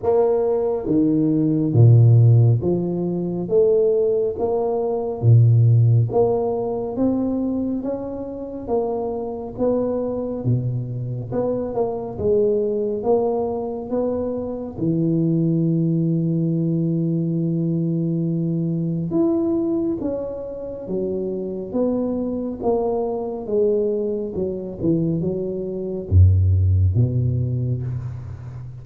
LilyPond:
\new Staff \with { instrumentName = "tuba" } { \time 4/4 \tempo 4 = 69 ais4 dis4 ais,4 f4 | a4 ais4 ais,4 ais4 | c'4 cis'4 ais4 b4 | b,4 b8 ais8 gis4 ais4 |
b4 e2.~ | e2 e'4 cis'4 | fis4 b4 ais4 gis4 | fis8 e8 fis4 fis,4 b,4 | }